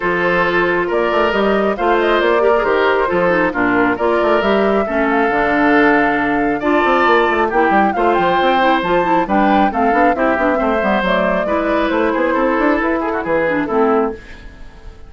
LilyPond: <<
  \new Staff \with { instrumentName = "flute" } { \time 4/4 \tempo 4 = 136 c''2 d''4 dis''4 | f''8 dis''8 d''4 c''2 | ais'4 d''4 e''4. f''8~ | f''2. a''4~ |
a''4 g''4 f''8 g''4. | a''4 g''4 f''4 e''4~ | e''4 d''2 c''4~ | c''4 b'8 a'8 b'4 a'4 | }
  \new Staff \with { instrumentName = "oboe" } { \time 4/4 a'2 ais'2 | c''4. ais'4. a'4 | f'4 ais'2 a'4~ | a'2. d''4~ |
d''4 g'4 c''2~ | c''4 b'4 a'4 g'4 | c''2 b'4. gis'8 | a'4. gis'16 fis'16 gis'4 e'4 | }
  \new Staff \with { instrumentName = "clarinet" } { \time 4/4 f'2. g'4 | f'4. g'16 gis'16 g'4 f'8 dis'8 | d'4 f'4 g'4 cis'4 | d'2. f'4~ |
f'4 e'4 f'4. e'8 | f'8 e'8 d'4 c'8 d'8 e'8 d'8 | c'8 b8 a4 e'2~ | e'2~ e'8 d'8 c'4 | }
  \new Staff \with { instrumentName = "bassoon" } { \time 4/4 f2 ais8 a8 g4 | a4 ais4 dis4 f4 | ais,4 ais8 a8 g4 a4 | d2. d'8 c'8 |
ais8 a8 ais8 g8 a8 f8 c'4 | f4 g4 a8 b8 c'8 b8 | a8 g8 fis4 gis4 a8 b8 | c'8 d'8 e'4 e4 a4 | }
>>